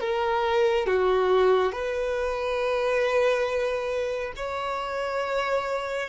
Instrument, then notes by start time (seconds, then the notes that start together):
violin
0.00 A#4
0.87 F#4
1.72 B4
4.36 C#5